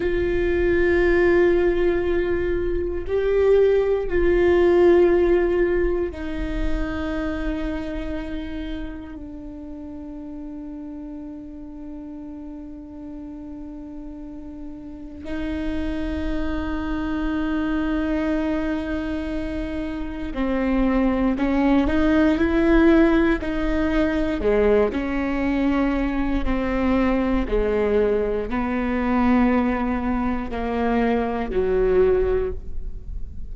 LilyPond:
\new Staff \with { instrumentName = "viola" } { \time 4/4 \tempo 4 = 59 f'2. g'4 | f'2 dis'2~ | dis'4 d'2.~ | d'2. dis'4~ |
dis'1 | c'4 cis'8 dis'8 e'4 dis'4 | gis8 cis'4. c'4 gis4 | b2 ais4 fis4 | }